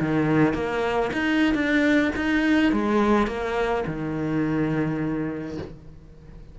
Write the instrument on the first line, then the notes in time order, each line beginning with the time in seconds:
cello
0.00 D#3
0.54 A#3
1.13 D#4
1.54 D4
2.16 D#4
2.72 G#3
3.27 A#3
3.86 D#3